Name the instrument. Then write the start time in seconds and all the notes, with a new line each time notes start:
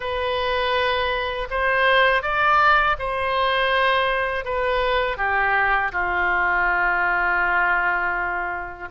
oboe
0.00 B4
1.50 C5
2.22 D5
2.98 C5
4.44 B4
5.17 G4
5.92 F4